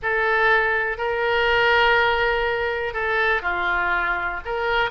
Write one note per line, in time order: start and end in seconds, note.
0.02 0.97 A4
0.97 2.93 A#4
2.93 3.42 A4
3.42 4.40 F4
4.45 4.90 A#4